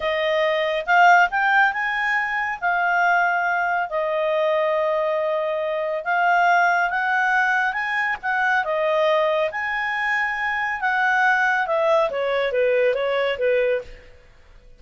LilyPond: \new Staff \with { instrumentName = "clarinet" } { \time 4/4 \tempo 4 = 139 dis''2 f''4 g''4 | gis''2 f''2~ | f''4 dis''2.~ | dis''2 f''2 |
fis''2 gis''4 fis''4 | dis''2 gis''2~ | gis''4 fis''2 e''4 | cis''4 b'4 cis''4 b'4 | }